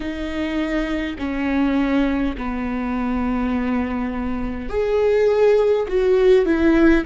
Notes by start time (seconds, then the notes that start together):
0.00 D#4
1.18 C#4
2.37 B3
4.69 G#4
5.88 F#4
6.45 E4